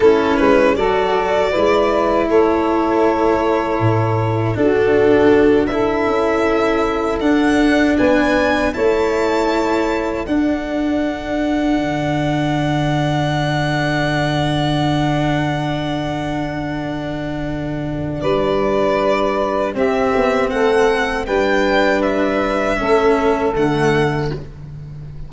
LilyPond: <<
  \new Staff \with { instrumentName = "violin" } { \time 4/4 \tempo 4 = 79 a'8 b'8 d''2 cis''4~ | cis''2 a'4. e''8~ | e''4. fis''4 gis''4 a''8~ | a''4. fis''2~ fis''8~ |
fis''1~ | fis''1 | d''2 e''4 fis''4 | g''4 e''2 fis''4 | }
  \new Staff \with { instrumentName = "saxophone" } { \time 4/4 e'4 a'4 b'4 a'4~ | a'2 fis'4. a'8~ | a'2~ a'8 b'4 cis''8~ | cis''4. a'2~ a'8~ |
a'1~ | a'1 | b'2 g'4 a'4 | b'2 a'2 | }
  \new Staff \with { instrumentName = "cello" } { \time 4/4 cis'4 fis'4 e'2~ | e'2 d'4. e'8~ | e'4. d'2 e'8~ | e'4. d'2~ d'8~ |
d'1~ | d'1~ | d'2 c'2 | d'2 cis'4 a4 | }
  \new Staff \with { instrumentName = "tuba" } { \time 4/4 a8 gis8 fis4 gis4 a4~ | a4 a,4 d'2 | cis'4. d'4 b4 a8~ | a4. d'2 d8~ |
d1~ | d1 | g2 c'8 b8 a4 | g2 a4 d4 | }
>>